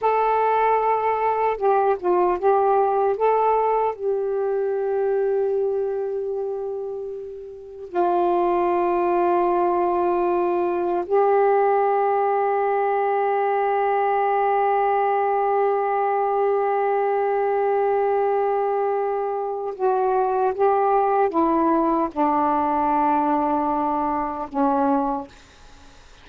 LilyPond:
\new Staff \with { instrumentName = "saxophone" } { \time 4/4 \tempo 4 = 76 a'2 g'8 f'8 g'4 | a'4 g'2.~ | g'2 f'2~ | f'2 g'2~ |
g'1~ | g'1~ | g'4 fis'4 g'4 e'4 | d'2. cis'4 | }